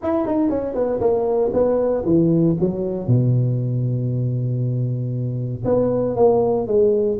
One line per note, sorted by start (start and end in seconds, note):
0.02 0.26 E4
0.26 0.49 D#4
0.49 0.74 C#4
0.74 1.00 B3
1.00 1.51 A#3
1.53 2.04 B3
2.05 2.56 E3
2.59 3.07 F#3
3.07 5.63 B2
5.64 6.15 B3
6.15 6.67 A#3
6.67 7.18 G#3